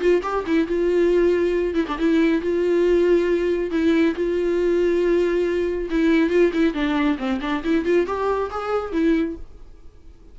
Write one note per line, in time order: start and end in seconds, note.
0.00 0.22 F4
0.23 0.44 G4
0.47 0.68 E4
0.68 1.75 F4
1.75 1.86 E4
1.88 1.98 D4
1.98 2.42 E4
2.42 3.71 F4
3.71 4.15 E4
4.15 5.89 F4
5.90 6.30 E4
6.30 6.52 F4
6.53 6.74 E4
6.74 7.17 D4
7.18 7.40 C4
7.41 7.63 D4
7.64 7.85 E4
7.85 8.07 F4
8.07 8.50 G4
8.51 8.92 G#4
8.92 9.36 E4